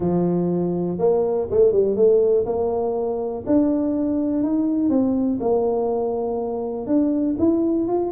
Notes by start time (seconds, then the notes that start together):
0.00 F3
0.98 A#3
1.50 A3
1.72 G3
1.95 A3
2.45 A#3
3.46 D4
4.43 D#4
4.89 C4
5.40 A#3
6.86 D4
7.38 E4
7.87 F4